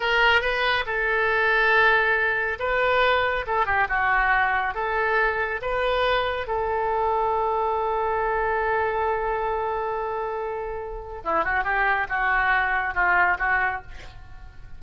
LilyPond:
\new Staff \with { instrumentName = "oboe" } { \time 4/4 \tempo 4 = 139 ais'4 b'4 a'2~ | a'2 b'2 | a'8 g'8 fis'2 a'4~ | a'4 b'2 a'4~ |
a'1~ | a'1~ | a'2 e'8 fis'8 g'4 | fis'2 f'4 fis'4 | }